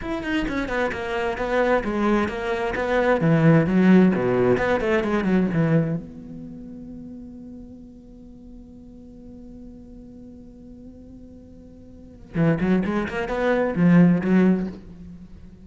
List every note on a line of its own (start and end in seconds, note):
0.01 0.23 E4
0.23 0.46 D#4
0.48 0.68 C#4
0.68 0.91 B3
0.92 1.37 A#3
1.37 1.83 B3
1.83 2.28 G#3
2.28 2.74 A#3
2.75 3.20 B3
3.20 3.66 E3
3.66 4.12 F#3
4.15 4.57 B2
4.57 4.80 B3
4.80 5.03 A3
5.03 5.24 G#3
5.24 5.46 F#3
5.53 5.96 E3
5.96 12.35 B3
12.35 12.58 E3
12.60 12.83 F#3
12.85 13.08 G#3
13.08 13.28 A#3
13.28 13.74 B3
13.75 14.21 F3
14.21 14.66 F#3